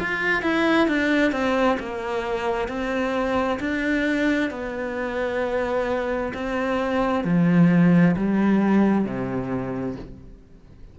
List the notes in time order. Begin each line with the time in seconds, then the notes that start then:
0.00 F4
0.43 E4
0.88 D4
1.32 C4
1.79 A#3
2.69 C4
3.60 D4
4.51 B3
6.34 C4
7.24 F3
8.17 G3
9.05 C3